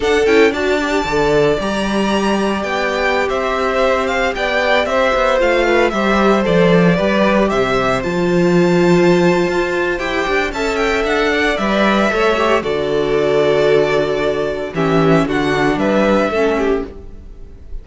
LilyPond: <<
  \new Staff \with { instrumentName = "violin" } { \time 4/4 \tempo 4 = 114 fis''8 g''8 a''2 ais''4~ | ais''4 g''4~ g''16 e''4. f''16~ | f''16 g''4 e''4 f''4 e''8.~ | e''16 d''2 e''4 a''8.~ |
a''2. g''4 | a''8 g''8 fis''4 e''2 | d''1 | e''4 fis''4 e''2 | }
  \new Staff \with { instrumentName = "violin" } { \time 4/4 a'4 d''2.~ | d''2~ d''16 c''4.~ c''16~ | c''16 d''4 c''4. b'8 c''8.~ | c''4~ c''16 b'4 c''4.~ c''16~ |
c''1 | e''4. d''4. cis''4 | a'1 | g'4 fis'4 b'4 a'8 g'8 | }
  \new Staff \with { instrumentName = "viola" } { \time 4/4 d'8 e'8 fis'8 g'8 a'4 g'4~ | g'1~ | g'2~ g'16 f'4 g'8.~ | g'16 a'4 g'2 f'8.~ |
f'2. g'4 | a'2 b'4 a'8 g'8 | fis'1 | cis'4 d'2 cis'4 | }
  \new Staff \with { instrumentName = "cello" } { \time 4/4 d'8 cis'8 d'4 d4 g4~ | g4 b4~ b16 c'4.~ c'16~ | c'16 b4 c'8 b8 a4 g8.~ | g16 f4 g4 c4 f8.~ |
f2 f'4 e'8 d'8 | cis'4 d'4 g4 a4 | d1 | e4 d4 g4 a4 | }
>>